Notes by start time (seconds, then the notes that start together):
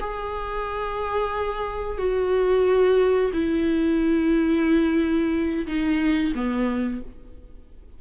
0.00 G#4
1.98 F#4
3.33 E4
5.67 D#4
6.35 B3